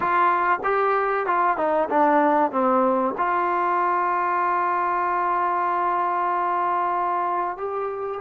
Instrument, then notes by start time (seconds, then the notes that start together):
trombone
0.00 F4
0.63 G4
1.26 F4
1.57 D#4
1.89 D4
2.51 C4
3.18 F4
7.57 G4